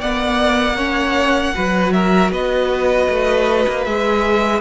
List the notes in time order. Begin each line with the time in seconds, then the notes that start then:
0.00 A#3 B3 D5 F#5
0.77 C#4 C#5
1.55 F#3 F#4 B4
1.93 A#4 E5
2.31 B3 B4 D#5
3.09 A3
3.68 A#3
3.84 G#3 G#4 E5